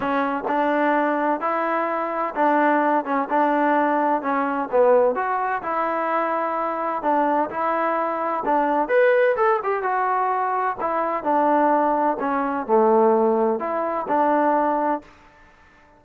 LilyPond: \new Staff \with { instrumentName = "trombone" } { \time 4/4 \tempo 4 = 128 cis'4 d'2 e'4~ | e'4 d'4. cis'8 d'4~ | d'4 cis'4 b4 fis'4 | e'2. d'4 |
e'2 d'4 b'4 | a'8 g'8 fis'2 e'4 | d'2 cis'4 a4~ | a4 e'4 d'2 | }